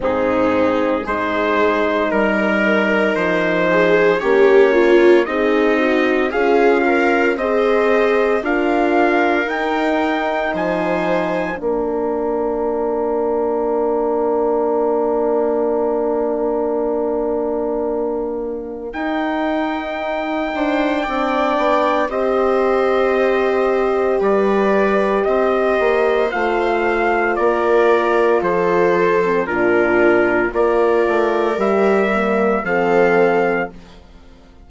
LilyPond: <<
  \new Staff \with { instrumentName = "trumpet" } { \time 4/4 \tempo 4 = 57 gis'4 c''4 ais'4 c''4 | cis''4 dis''4 f''4 dis''4 | f''4 g''4 gis''4 f''4~ | f''1~ |
f''2 g''2~ | g''4 dis''2 d''4 | dis''4 f''4 d''4 c''4 | ais'4 d''4 e''4 f''4 | }
  \new Staff \with { instrumentName = "viola" } { \time 4/4 dis'4 gis'4 ais'4. gis'8 | g'8 f'8 dis'4 gis'8 ais'8 c''4 | ais'2 c''4 ais'4~ | ais'1~ |
ais'2.~ ais'8 c''8 | d''4 c''2 b'4 | c''2 ais'4 a'4 | f'4 ais'2 a'4 | }
  \new Staff \with { instrumentName = "horn" } { \time 4/4 c'4 dis'2. | cis'4 gis'8 fis'8 f'4 gis'4 | f'4 dis'2 d'4~ | d'1~ |
d'2 dis'2 | d'4 g'2.~ | g'4 f'2~ f'8. c'16 | d'4 f'4 g'8 ais8 c'4 | }
  \new Staff \with { instrumentName = "bassoon" } { \time 4/4 gis,4 gis4 g4 f4 | ais4 c'4 cis'4 c'4 | d'4 dis'4 f4 ais4~ | ais1~ |
ais2 dis'4. d'8 | c'8 b8 c'2 g4 | c'8 ais8 a4 ais4 f4 | ais,4 ais8 a8 g4 f4 | }
>>